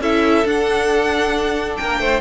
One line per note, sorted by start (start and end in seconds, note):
0.00 0.44 C#4
0.00 0.45 E4
0.00 1.79 A4
0.00 0.47 E5
0.45 2.21 D4
0.45 1.79 D4
0.45 1.77 F#5
1.77 1.99 A#3
1.77 2.00 A#4
1.77 2.21 G5
1.99 2.21 A3
1.99 2.21 C5